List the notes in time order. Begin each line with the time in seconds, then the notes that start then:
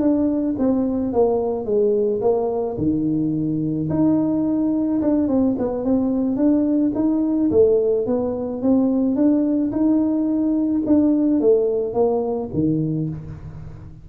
0.00 D4
0.59 C4
1.13 A#3
1.65 G#3
2.21 A#3
2.78 D#3
3.90 D#4
5.02 D4
5.28 C4
5.58 B3
5.85 C4
6.37 D4
6.95 D#4
7.51 A3
8.07 B3
8.62 C4
9.16 D4
9.71 D#4
10.86 D4
11.41 A3
11.94 A#3
12.54 D#3